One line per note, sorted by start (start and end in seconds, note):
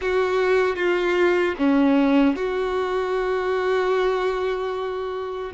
0.01 0.75 F#4
0.75 1.54 F4
1.58 2.36 C#4
2.36 5.52 F#4